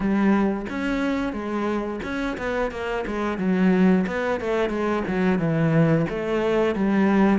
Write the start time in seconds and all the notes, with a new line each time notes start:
0.00 G3
0.69 C#4
1.32 G#3
2.03 C#4
2.37 B3
2.71 A#3
3.06 G#3
3.38 F#3
4.06 B3
4.40 A3
4.69 G#3
5.07 F#3
5.38 E3
6.09 A3
6.75 G3